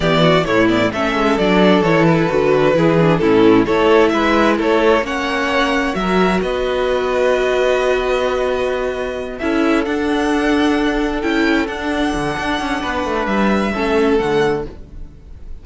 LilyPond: <<
  \new Staff \with { instrumentName = "violin" } { \time 4/4 \tempo 4 = 131 d''4 cis''8 d''8 e''4 d''4 | cis''8 b'2~ b'8 a'4 | cis''4 e''4 cis''4 fis''4~ | fis''4 e''4 dis''2~ |
dis''1~ | dis''8 e''4 fis''2~ fis''8~ | fis''8 g''4 fis''2~ fis''8~ | fis''4 e''2 fis''4 | }
  \new Staff \with { instrumentName = "violin" } { \time 4/4 g'8 fis'8 e'4 a'2~ | a'2 gis'4 e'4 | a'4 b'4 a'4 cis''4~ | cis''4 ais'4 b'2~ |
b'1~ | b'8 a'2.~ a'8~ | a'1 | b'2 a'2 | }
  \new Staff \with { instrumentName = "viola" } { \time 4/4 b4 a8 b8 cis'4 d'4 | e'4 fis'4 e'8 d'8 cis'4 | e'2. cis'4~ | cis'4 fis'2.~ |
fis'1~ | fis'8 e'4 d'2~ d'8~ | d'8 e'4 d'2~ d'8~ | d'2 cis'4 a4 | }
  \new Staff \with { instrumentName = "cello" } { \time 4/4 e4 a,4 a8 gis8 fis4 | e4 d4 e4 a,4 | a4 gis4 a4 ais4~ | ais4 fis4 b2~ |
b1~ | b8 cis'4 d'2~ d'8~ | d'8 cis'4 d'4 d8 d'8 cis'8 | b8 a8 g4 a4 d4 | }
>>